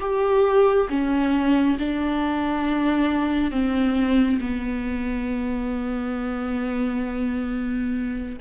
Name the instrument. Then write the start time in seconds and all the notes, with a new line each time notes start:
viola
0.00 G4
0.89 C#4
1.79 D4
3.51 C4
4.40 B3